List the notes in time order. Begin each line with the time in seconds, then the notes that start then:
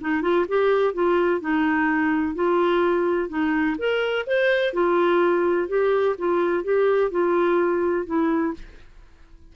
0.00 D#4
0.21 F4
0.48 G4
0.94 F4
1.40 D#4
2.34 F4
3.29 D#4
3.78 A#4
4.26 C5
4.73 F4
5.68 G4
6.18 F4
6.63 G4
7.11 F4
8.06 E4